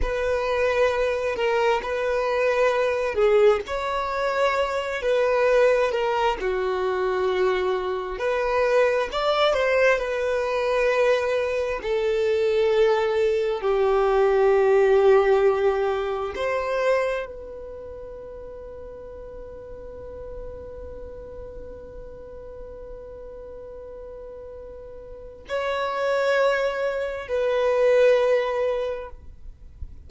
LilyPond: \new Staff \with { instrumentName = "violin" } { \time 4/4 \tempo 4 = 66 b'4. ais'8 b'4. gis'8 | cis''4. b'4 ais'8 fis'4~ | fis'4 b'4 d''8 c''8 b'4~ | b'4 a'2 g'4~ |
g'2 c''4 b'4~ | b'1~ | b'1 | cis''2 b'2 | }